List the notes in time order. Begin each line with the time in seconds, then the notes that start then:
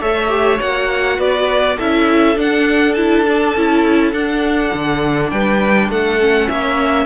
0.00 A3 A4 C#5 E5
0.28 G4
0.59 A#3 F#4 F#5
1.18 B3 B4 D5
1.76 C#4 E4 A4 E5
2.36 D4 F#5
2.94 E4 A5
3.27 D4
3.55 C#4 E4
4.12 D4 F#5
4.73 D3
5.30 G3 B4 G5
5.89 A3 A4 F#5
6.19 C#4
6.48 A#3 C#5 E5